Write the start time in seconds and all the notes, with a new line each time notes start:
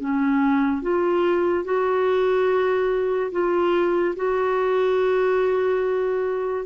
0.00 C#4
0.82 F4
1.64 F#4
3.32 F4
4.16 F#4